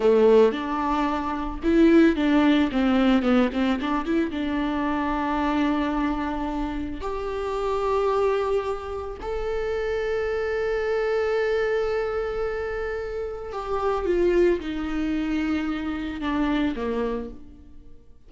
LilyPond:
\new Staff \with { instrumentName = "viola" } { \time 4/4 \tempo 4 = 111 a4 d'2 e'4 | d'4 c'4 b8 c'8 d'8 e'8 | d'1~ | d'4 g'2.~ |
g'4 a'2.~ | a'1~ | a'4 g'4 f'4 dis'4~ | dis'2 d'4 ais4 | }